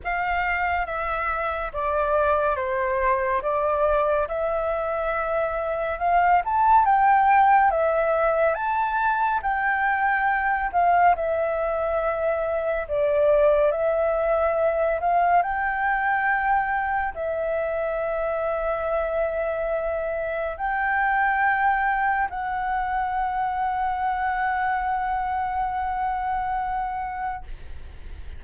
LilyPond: \new Staff \with { instrumentName = "flute" } { \time 4/4 \tempo 4 = 70 f''4 e''4 d''4 c''4 | d''4 e''2 f''8 a''8 | g''4 e''4 a''4 g''4~ | g''8 f''8 e''2 d''4 |
e''4. f''8 g''2 | e''1 | g''2 fis''2~ | fis''1 | }